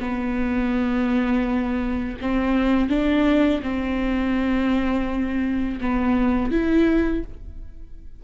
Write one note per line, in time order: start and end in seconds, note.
0.00 2.17 B3
2.21 2.89 C4
2.89 3.61 D4
3.63 5.80 C4
5.81 6.52 B3
6.52 7.24 E4